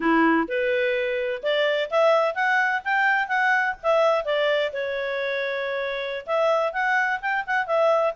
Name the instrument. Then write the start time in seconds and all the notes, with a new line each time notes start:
clarinet
0.00 E4
0.48 B4
1.43 D5
1.90 E5
2.34 F#5
2.84 G5
3.28 F#5
3.82 E5
4.24 D5
4.72 C#5
6.26 E5
6.72 F#5
7.21 G5
7.46 F#5
7.66 E5